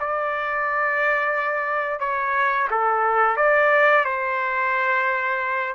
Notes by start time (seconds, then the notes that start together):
0.00 D5
2.00 C#5
2.71 A4
3.37 D5
4.05 C5